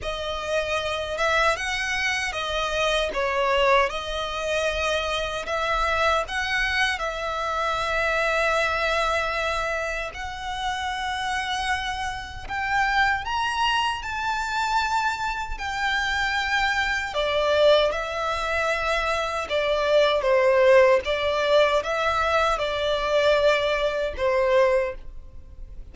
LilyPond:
\new Staff \with { instrumentName = "violin" } { \time 4/4 \tempo 4 = 77 dis''4. e''8 fis''4 dis''4 | cis''4 dis''2 e''4 | fis''4 e''2.~ | e''4 fis''2. |
g''4 ais''4 a''2 | g''2 d''4 e''4~ | e''4 d''4 c''4 d''4 | e''4 d''2 c''4 | }